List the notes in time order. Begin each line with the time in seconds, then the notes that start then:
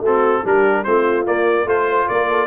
0.00 A3 C4 F#4 A4
0.44 G3 D4 G4 A#4
0.84 A3 C4 F4 C5
1.25 A#3 D5
1.65 A3 F4 A4 C5
1.89 C5
2.08 A#3 A#4 D5
2.29 A4